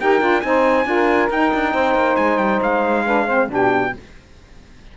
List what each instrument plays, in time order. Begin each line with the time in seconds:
0.00 cello D#4, saxophone G4 A#4, trumpet G5
0.19 cello D4, saxophone F4
0.41 cello C4, saxophone D#4 C5, trumpet G#5
0.85 cello D4, saxophone F4 A#4
1.30 cello D#4, saxophone D#4, trumpet G5
1.54 cello D4
1.74 cello C4, saxophone C5
1.94 cello A#3
2.16 cello G#3, trumpet G#5
2.38 cello G3, trumpet G5
2.63 cello G#3, trumpet F5
3.05 saxophone D4 B4
3.26 saxophone C4 C5
3.49 cello B2, saxophone D4 G4, trumpet G5